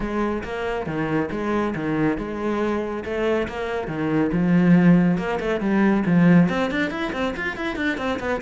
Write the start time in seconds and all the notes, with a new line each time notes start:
0.00 G#3
0.43 A#3
0.86 D#3
1.31 G#3
1.75 D#3
2.17 G#3
3.04 A3
3.47 A#3
3.87 D#3
4.32 F3
5.17 A#3
5.40 A3
5.60 G3
6.06 F3
6.49 C4
6.71 D4
6.90 E4
7.12 C4
7.36 F4
7.56 E4
7.76 D4
7.97 C4
8.19 B3